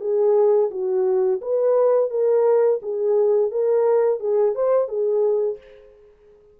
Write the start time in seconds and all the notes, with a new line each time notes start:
0.00 G#4
0.70 F#4
1.41 B4
2.10 A#4
2.82 G#4
3.51 A#4
4.20 G#4
4.55 C5
4.88 G#4